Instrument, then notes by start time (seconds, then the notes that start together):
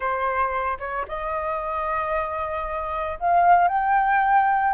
flute
0.00 C5
0.79 C#5
1.08 D#5
3.19 F5
3.68 G5